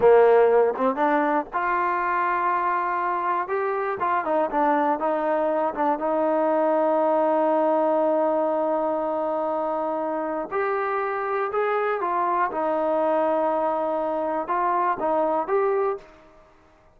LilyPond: \new Staff \with { instrumentName = "trombone" } { \time 4/4 \tempo 4 = 120 ais4. c'8 d'4 f'4~ | f'2. g'4 | f'8 dis'8 d'4 dis'4. d'8 | dis'1~ |
dis'1~ | dis'4 g'2 gis'4 | f'4 dis'2.~ | dis'4 f'4 dis'4 g'4 | }